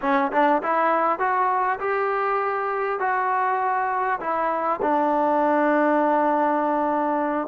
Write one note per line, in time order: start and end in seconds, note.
0.01 0.31 C#4
0.31 0.61 D4
0.62 1.19 E4
1.19 1.79 F#4
1.79 2.99 G4
2.99 4.19 F#4
4.20 4.80 E4
4.82 7.48 D4